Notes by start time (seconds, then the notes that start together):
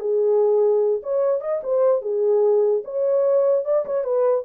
0.00 G#4
1.03 C#5
1.41 D#5
1.63 C5
2.02 G#4
2.85 C#5
3.65 D5
3.86 C#5
4.04 B4